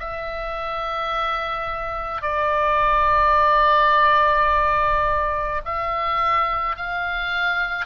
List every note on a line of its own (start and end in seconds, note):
0.00 2.22 E5
2.22 5.61 D5
5.66 6.77 E5
6.77 7.86 F5